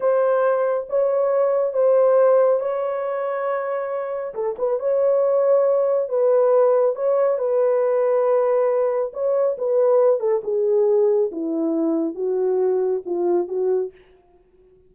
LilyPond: \new Staff \with { instrumentName = "horn" } { \time 4/4 \tempo 4 = 138 c''2 cis''2 | c''2 cis''2~ | cis''2 a'8 b'8 cis''4~ | cis''2 b'2 |
cis''4 b'2.~ | b'4 cis''4 b'4. a'8 | gis'2 e'2 | fis'2 f'4 fis'4 | }